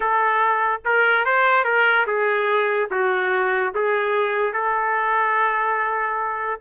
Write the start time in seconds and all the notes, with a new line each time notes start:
0.00 A4
0.85 A#4
1.25 C5
1.64 A#4
2.07 G#4
2.91 F#4
3.74 G#4
4.53 A4